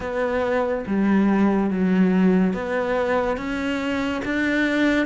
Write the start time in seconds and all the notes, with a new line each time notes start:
0.00 B3
0.86 G3
1.70 F#3
2.53 B3
3.37 C#4
4.24 D4